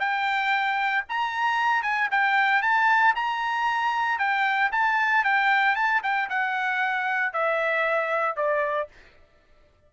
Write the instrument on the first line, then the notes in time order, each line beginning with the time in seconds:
trumpet
0.00 G5
1.09 A#5
1.83 G#5
2.11 G5
2.62 A5
3.15 A#5
4.19 G5
4.72 A5
5.24 G5
5.76 A5
6.03 G5
6.29 F#5
7.33 E5
8.36 D5